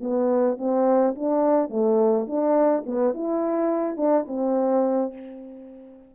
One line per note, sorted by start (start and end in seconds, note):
0.00 0.57 B3
0.57 1.14 C4
1.15 1.69 D4
1.69 2.26 A3
2.26 2.84 D4
2.86 3.14 B3
3.14 3.97 E4
3.97 4.25 D4
4.27 5.13 C4